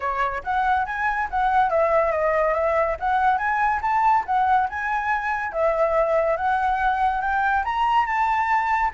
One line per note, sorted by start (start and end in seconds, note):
0.00 0.43 C#5
0.43 0.85 F#5
0.85 1.28 G#5
1.30 1.70 F#5
1.70 2.11 E5
2.11 2.54 D#5
2.54 2.96 E5
2.99 3.37 F#5
3.37 3.80 G#5
3.81 4.24 A5
4.26 4.68 F#5
4.69 5.52 G#5
5.52 6.36 E5
6.36 7.21 F#5
7.21 7.63 G5
7.64 8.06 A#5
8.06 8.91 A5